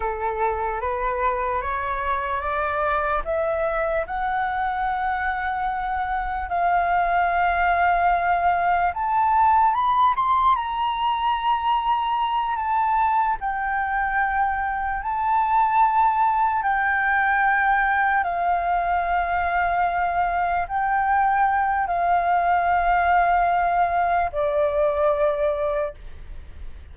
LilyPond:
\new Staff \with { instrumentName = "flute" } { \time 4/4 \tempo 4 = 74 a'4 b'4 cis''4 d''4 | e''4 fis''2. | f''2. a''4 | b''8 c'''8 ais''2~ ais''8 a''8~ |
a''8 g''2 a''4.~ | a''8 g''2 f''4.~ | f''4. g''4. f''4~ | f''2 d''2 | }